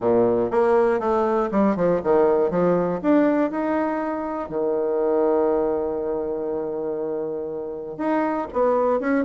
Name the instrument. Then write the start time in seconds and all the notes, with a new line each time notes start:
bassoon
0.00 A#2
0.50 A#3
0.99 A3
1.51 G3
1.75 F3
2.03 D#3
2.50 F3
3.02 D4
3.50 D#4
4.49 D#3
7.97 D#4
8.52 B3
9.00 C#4